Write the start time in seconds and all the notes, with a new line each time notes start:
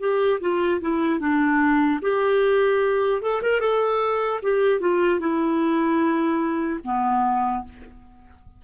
0.00 G4
0.41 F4
0.81 E4
1.20 D4
2.02 G4
3.22 A4
3.42 A#4
3.60 A4
4.43 G4
4.80 F4
5.20 E4
6.84 B3